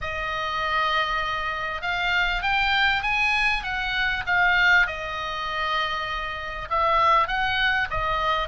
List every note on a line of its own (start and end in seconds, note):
0.01 1.81 D#5
1.81 2.42 F5
2.42 3.02 G5
3.02 3.63 G#5
3.63 4.23 F#5
4.26 4.87 F5
4.87 6.68 D#5
6.69 7.27 E5
7.27 7.88 F#5
7.90 8.48 D#5